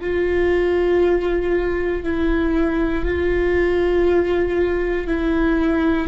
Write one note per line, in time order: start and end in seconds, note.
0.00 2.03 F4
2.03 3.04 E4
3.04 5.07 F4
5.07 6.07 E4